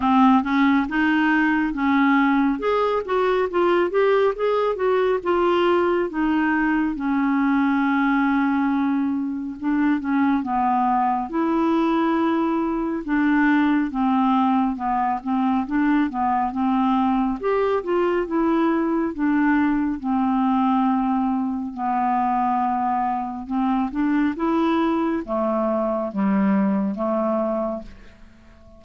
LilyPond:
\new Staff \with { instrumentName = "clarinet" } { \time 4/4 \tempo 4 = 69 c'8 cis'8 dis'4 cis'4 gis'8 fis'8 | f'8 g'8 gis'8 fis'8 f'4 dis'4 | cis'2. d'8 cis'8 | b4 e'2 d'4 |
c'4 b8 c'8 d'8 b8 c'4 | g'8 f'8 e'4 d'4 c'4~ | c'4 b2 c'8 d'8 | e'4 a4 g4 a4 | }